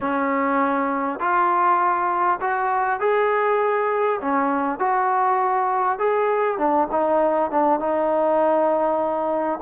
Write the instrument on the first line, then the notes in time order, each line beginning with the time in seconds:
trombone
0.00 C#4
1.19 F4
2.41 F#4
3.00 G#4
4.21 C#4
4.79 F#4
5.98 G#4
6.58 D4
6.91 D#4
7.51 D4
7.79 D#4